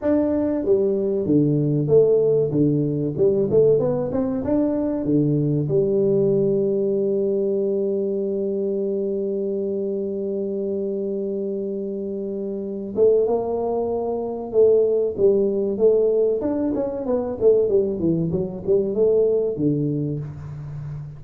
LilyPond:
\new Staff \with { instrumentName = "tuba" } { \time 4/4 \tempo 4 = 95 d'4 g4 d4 a4 | d4 g8 a8 b8 c'8 d'4 | d4 g2.~ | g1~ |
g1~ | g8 a8 ais2 a4 | g4 a4 d'8 cis'8 b8 a8 | g8 e8 fis8 g8 a4 d4 | }